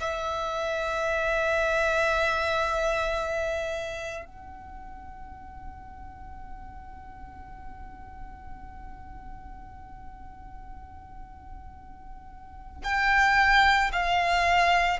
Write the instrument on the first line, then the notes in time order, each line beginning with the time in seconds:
violin
0.00 E5
4.25 F#5
12.83 G5
13.92 F5